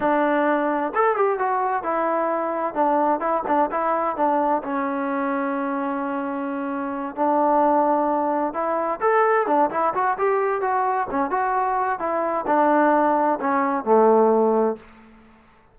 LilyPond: \new Staff \with { instrumentName = "trombone" } { \time 4/4 \tempo 4 = 130 d'2 a'8 g'8 fis'4 | e'2 d'4 e'8 d'8 | e'4 d'4 cis'2~ | cis'2.~ cis'8 d'8~ |
d'2~ d'8 e'4 a'8~ | a'8 d'8 e'8 fis'8 g'4 fis'4 | cis'8 fis'4. e'4 d'4~ | d'4 cis'4 a2 | }